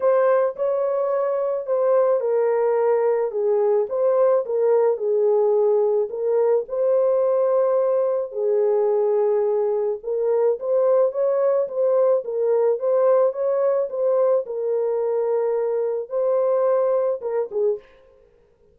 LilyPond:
\new Staff \with { instrumentName = "horn" } { \time 4/4 \tempo 4 = 108 c''4 cis''2 c''4 | ais'2 gis'4 c''4 | ais'4 gis'2 ais'4 | c''2. gis'4~ |
gis'2 ais'4 c''4 | cis''4 c''4 ais'4 c''4 | cis''4 c''4 ais'2~ | ais'4 c''2 ais'8 gis'8 | }